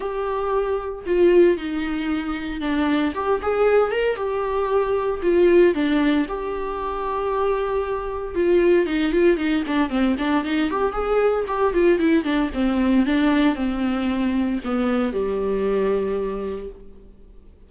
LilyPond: \new Staff \with { instrumentName = "viola" } { \time 4/4 \tempo 4 = 115 g'2 f'4 dis'4~ | dis'4 d'4 g'8 gis'4 ais'8 | g'2 f'4 d'4 | g'1 |
f'4 dis'8 f'8 dis'8 d'8 c'8 d'8 | dis'8 g'8 gis'4 g'8 f'8 e'8 d'8 | c'4 d'4 c'2 | b4 g2. | }